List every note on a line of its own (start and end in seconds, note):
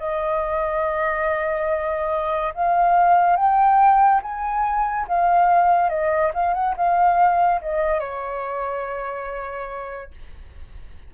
0.00 2.54 D#5
2.55 3.37 F5
3.37 4.21 G5
4.23 5.07 G#5
5.09 5.90 F5
5.90 6.32 D#5
6.34 6.55 F5
6.55 6.76 F#5
6.77 7.62 F5
7.62 8.00 D#5
8.00 10.11 C#5